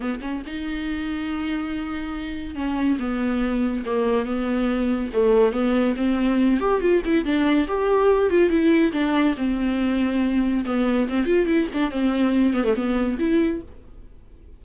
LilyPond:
\new Staff \with { instrumentName = "viola" } { \time 4/4 \tempo 4 = 141 b8 cis'8 dis'2.~ | dis'2 cis'4 b4~ | b4 ais4 b2 | a4 b4 c'4. g'8 |
f'8 e'8 d'4 g'4. f'8 | e'4 d'4 c'2~ | c'4 b4 c'8 f'8 e'8 d'8 | c'4. b16 a16 b4 e'4 | }